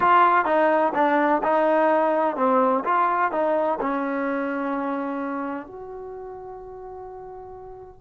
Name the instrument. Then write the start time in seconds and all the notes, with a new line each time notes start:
trombone
0.00 F4
0.45 D#4
0.94 D4
1.43 D#4
2.36 C4
2.84 F4
3.31 D#4
3.80 C#4
5.66 F#4